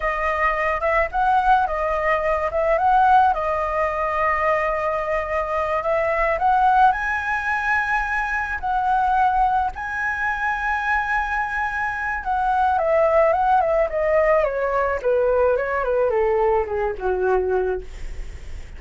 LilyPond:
\new Staff \with { instrumentName = "flute" } { \time 4/4 \tempo 4 = 108 dis''4. e''8 fis''4 dis''4~ | dis''8 e''8 fis''4 dis''2~ | dis''2~ dis''8 e''4 fis''8~ | fis''8 gis''2. fis''8~ |
fis''4. gis''2~ gis''8~ | gis''2 fis''4 e''4 | fis''8 e''8 dis''4 cis''4 b'4 | cis''8 b'8 a'4 gis'8 fis'4. | }